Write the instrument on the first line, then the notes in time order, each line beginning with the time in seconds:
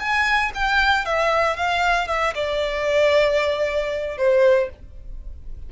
violin
0.00 G#5
0.55 G5
1.06 E5
1.57 F5
2.08 E5
2.35 D5
4.18 C5